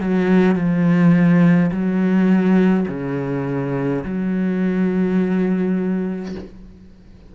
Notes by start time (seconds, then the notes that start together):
0.00 F#3
0.55 F3
1.71 F#3
2.88 C#3
4.04 F#3